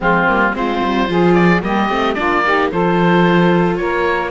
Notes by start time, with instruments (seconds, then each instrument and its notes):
0.00 cello F3, viola G#3, saxophone C4, oboe F4
0.27 cello G3, viola A#3
0.53 cello G#3, viola C4, saxophone F4, oboe C5
0.83 cello G3
1.06 cello F3, viola F4, saxophone G#4
1.34 oboe D5
1.61 cello G3, viola A#3, saxophone G4, oboe D#5
1.89 cello A3, viola C4
2.14 cello A#3, viola D4, saxophone F4, oboe D5
2.44 viola D#4, saxophone G4
2.71 cello F3, viola F4, saxophone A4, oboe C5
3.76 cello A#3, saxophone A#4, oboe C#5